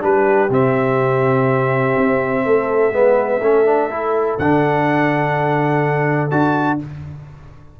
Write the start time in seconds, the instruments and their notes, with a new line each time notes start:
0.00 tuba G3, trombone D4, horn G4, trumpet B4
0.49 tuba C3, trombone C4, trumpet E5
1.97 tuba C4
2.45 tuba A3, horn A4
2.92 tuba G#3, trombone B3, horn B4
3.40 tuba A3, trombone C#4, horn A4
3.65 trombone D4
3.90 trombone E4
4.38 tuba D3, trombone D4, trumpet F#5
6.30 tuba D4, trombone F#4, trumpet A5